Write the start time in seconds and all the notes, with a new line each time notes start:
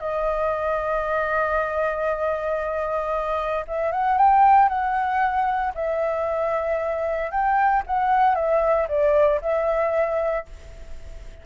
0.00 D#5
3.68 E5
3.92 F#5
4.18 G5
4.69 F#5
5.75 E5
7.31 G5
7.87 F#5
8.35 E5
8.89 D5
9.42 E5